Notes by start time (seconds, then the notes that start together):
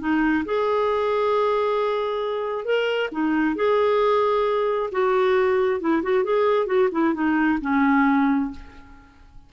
0.00 D#4
0.45 G#4
2.65 A#4
3.12 D#4
3.56 G#4
4.92 F#4
5.80 E4
6.03 F#4
6.24 G#4
6.67 F#4
6.92 E4
7.14 D#4
7.61 C#4